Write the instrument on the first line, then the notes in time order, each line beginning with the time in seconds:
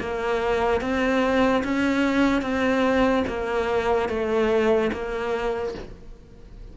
cello
0.00 A#3
0.81 C4
1.64 C#4
2.42 C4
3.27 A#3
4.09 A3
4.92 A#3